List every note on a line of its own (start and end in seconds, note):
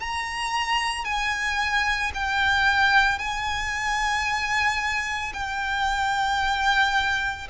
0.00 1.04 A#5
1.04 2.11 G#5
2.14 3.18 G5
3.18 5.32 G#5
5.33 7.48 G5